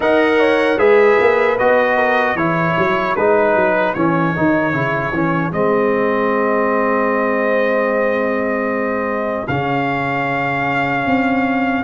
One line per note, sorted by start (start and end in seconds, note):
0.00 0.77 D#4
0.00 0.78 A#4
0.00 0.39 D#5
0.00 0.78 F#5
0.39 0.78 C#5
0.77 1.16 G#3
0.77 1.57 G#4
0.77 1.96 B4
0.77 1.57 E5
1.20 1.60 A#3
1.58 2.35 B3
1.58 2.37 F#4
1.58 2.36 D#5
1.96 2.36 A#4
2.35 2.74 E3
2.35 3.16 E4
2.35 11.83 G#4
2.35 3.15 C#5
2.77 3.16 F#3
3.15 3.55 G#3
3.15 3.96 D#4
3.15 3.93 B4
3.55 3.94 F#3
3.93 4.35 E3
3.93 4.35 C#4
3.93 5.51 C#5
4.35 4.73 D#3
4.35 4.72 D#4
4.72 5.12 C#3
4.72 5.12 E4
5.12 5.51 E3
5.12 5.52 C#4
5.51 9.46 G#3
5.51 9.46 C4
5.51 9.47 D#5
9.47 11.06 C#3
9.47 11.84 C#4
9.47 11.84 F5
11.06 11.84 C4